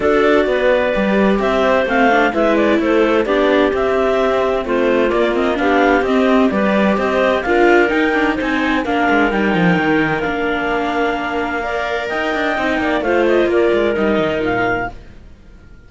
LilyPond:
<<
  \new Staff \with { instrumentName = "clarinet" } { \time 4/4 \tempo 4 = 129 d''2. e''4 | f''4 e''8 d''8 c''4 d''4 | e''2 c''4 d''8 dis''8 | f''4 dis''4 d''4 dis''4 |
f''4 g''4 gis''4 f''4 | g''2 f''2~ | f''2 g''2 | f''8 dis''8 d''4 dis''4 f''4 | }
  \new Staff \with { instrumentName = "clarinet" } { \time 4/4 a'4 b'2 c''4~ | c''4 b'4 a'4 g'4~ | g'2 f'2 | g'2 b'4 c''4 |
ais'2 c''4 ais'4~ | ais'1~ | ais'4 d''4 dis''4. d''8 | c''4 ais'2. | }
  \new Staff \with { instrumentName = "viola" } { \time 4/4 fis'2 g'2 | c'8 d'8 e'2 d'4 | c'2. ais8 c'8 | d'4 c'4 g'2 |
f'4 dis'8 d'8 dis'4 d'4 | dis'2 d'2~ | d'4 ais'2 dis'4 | f'2 dis'2 | }
  \new Staff \with { instrumentName = "cello" } { \time 4/4 d'4 b4 g4 c'4 | a4 gis4 a4 b4 | c'2 a4 ais4 | b4 c'4 g4 c'4 |
d'4 dis'4 c'4 ais8 gis8 | g8 f8 dis4 ais2~ | ais2 dis'8 d'8 c'8 ais8 | a4 ais8 gis8 g8 dis8 ais,4 | }
>>